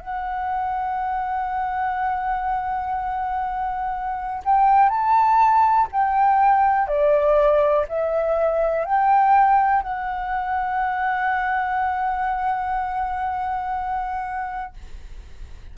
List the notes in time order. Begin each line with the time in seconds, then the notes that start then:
0.00 F#5
4.45 G5
4.89 A5
5.92 G5
6.87 D5
7.88 E5
8.85 G5
9.82 F#5